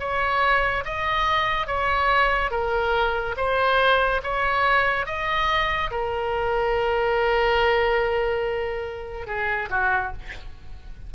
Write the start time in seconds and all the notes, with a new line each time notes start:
0.00 C#5
0.85 D#5
1.67 C#5
2.51 A#4
3.37 C5
4.24 C#5
5.06 D#5
5.91 A#4
9.27 G#4
9.70 F#4